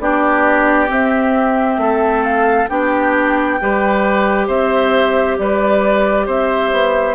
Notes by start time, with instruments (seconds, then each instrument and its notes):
0.00 bassoon B3, clarinet D4, oboe G4, flute D5
0.88 clarinet C4, bassoon C4, flute E5
1.78 bassoon A3, oboe A4
2.23 flute F5
2.69 bassoon B3, clarinet D4, oboe G4, flute G5
3.61 bassoon G3, clarinet G4, oboe B4
4.47 bassoon C4, oboe C5, flute E5
5.38 bassoon G3, oboe B4, flute D5
6.27 bassoon C4, oboe C5, flute E5
6.72 bassoon B3